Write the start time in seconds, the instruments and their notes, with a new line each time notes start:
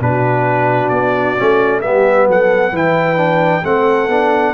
0.00 tuba B2, trombone D4, horn F#4, trumpet B4
0.89 tuba B3, trumpet D5
1.37 tuba A3, trombone C#4
1.81 tuba G3, trombone B3, horn G4, trumpet E5
2.27 tuba F#3, horn A4, trumpet F#5
2.71 tuba E3, trombone E4, horn B4, trumpet G5
3.16 trombone D4
3.63 tuba A3, trombone C4, horn A4, trumpet F#5
4.07 tuba B3, trombone D4